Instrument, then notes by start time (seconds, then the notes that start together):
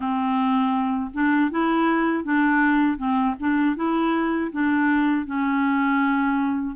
clarinet
0.00 C4
1.13 D4
1.50 E4
2.24 D4
2.97 C4
3.39 D4
3.76 E4
4.52 D4
5.26 C#4